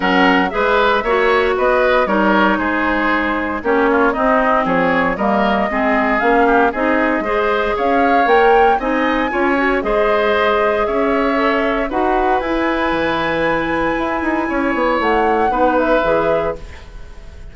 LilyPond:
<<
  \new Staff \with { instrumentName = "flute" } { \time 4/4 \tempo 4 = 116 fis''4 e''2 dis''4 | cis''4 c''2 cis''4 | dis''4 cis''4 dis''2 | f''4 dis''2 f''4 |
g''4 gis''2 dis''4~ | dis''4 e''2 fis''4 | gis''1~ | gis''4 fis''4. e''4. | }
  \new Staff \with { instrumentName = "oboe" } { \time 4/4 ais'4 b'4 cis''4 b'4 | ais'4 gis'2 g'8 f'8 | dis'4 gis'4 ais'4 gis'4~ | gis'8 g'8 gis'4 c''4 cis''4~ |
cis''4 dis''4 cis''4 c''4~ | c''4 cis''2 b'4~ | b'1 | cis''2 b'2 | }
  \new Staff \with { instrumentName = "clarinet" } { \time 4/4 cis'4 gis'4 fis'2 | dis'2. cis'4 | c'2 ais4 c'4 | cis'4 dis'4 gis'2 |
ais'4 dis'4 f'8 fis'8 gis'4~ | gis'2 a'4 fis'4 | e'1~ | e'2 dis'4 gis'4 | }
  \new Staff \with { instrumentName = "bassoon" } { \time 4/4 fis4 gis4 ais4 b4 | g4 gis2 ais4 | c'4 f4 g4 gis4 | ais4 c'4 gis4 cis'4 |
ais4 c'4 cis'4 gis4~ | gis4 cis'2 dis'4 | e'4 e2 e'8 dis'8 | cis'8 b8 a4 b4 e4 | }
>>